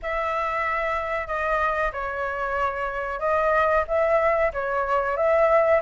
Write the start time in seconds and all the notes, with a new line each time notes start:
0.02 E5
1.27 D#5
1.92 C#5
3.19 D#5
3.87 E5
4.53 C#5
5.16 E5